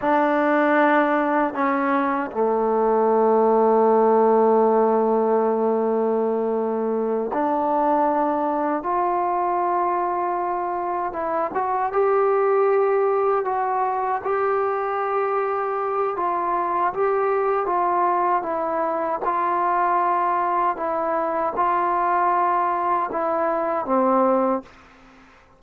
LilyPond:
\new Staff \with { instrumentName = "trombone" } { \time 4/4 \tempo 4 = 78 d'2 cis'4 a4~ | a1~ | a4. d'2 f'8~ | f'2~ f'8 e'8 fis'8 g'8~ |
g'4. fis'4 g'4.~ | g'4 f'4 g'4 f'4 | e'4 f'2 e'4 | f'2 e'4 c'4 | }